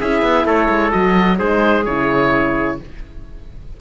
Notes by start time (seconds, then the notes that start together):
0.00 C#4 E4 G#4 E5
0.22 B3
0.45 A3 A4 C#5
0.69 G#3
0.91 F#3 F#4 D#5
1.38 G#3 D#4 G#4 C5
1.85 C#3 E4 C#5